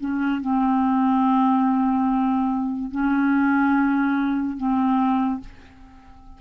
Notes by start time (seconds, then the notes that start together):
0.00 C#4
0.41 C4
2.91 C#4
4.57 C4